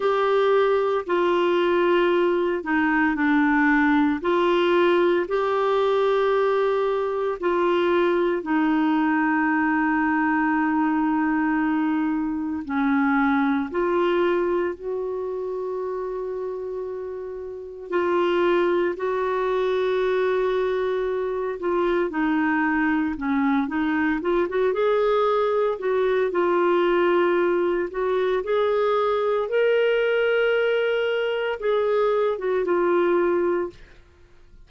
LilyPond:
\new Staff \with { instrumentName = "clarinet" } { \time 4/4 \tempo 4 = 57 g'4 f'4. dis'8 d'4 | f'4 g'2 f'4 | dis'1 | cis'4 f'4 fis'2~ |
fis'4 f'4 fis'2~ | fis'8 f'8 dis'4 cis'8 dis'8 f'16 fis'16 gis'8~ | gis'8 fis'8 f'4. fis'8 gis'4 | ais'2 gis'8. fis'16 f'4 | }